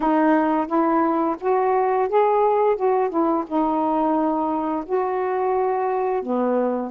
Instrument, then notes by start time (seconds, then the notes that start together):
saxophone
0.00 D#4
0.67 E4
1.40 F#4
2.08 G#4
2.76 F#4
3.09 E4
3.46 D#4
4.85 F#4
6.22 B3